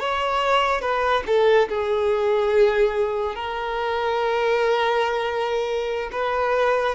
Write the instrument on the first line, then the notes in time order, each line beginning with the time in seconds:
violin
0.00 C#5
0.81 B4
1.27 A4
1.69 G#4
3.36 A#4
6.13 B4